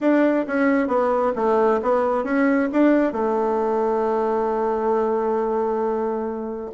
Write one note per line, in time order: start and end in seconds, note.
0.00 0.45 D4
0.47 0.87 C#4
0.87 1.32 B3
1.35 1.80 A3
1.82 2.24 B3
2.24 2.68 C#4
2.72 3.12 D4
3.12 6.70 A3